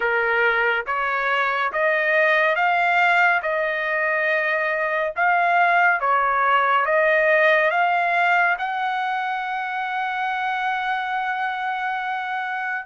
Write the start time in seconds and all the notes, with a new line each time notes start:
0.00 A#4
0.86 C#5
1.72 D#5
2.55 F5
3.42 D#5
5.15 F5
6.00 C#5
6.85 D#5
7.71 F5
8.58 F#5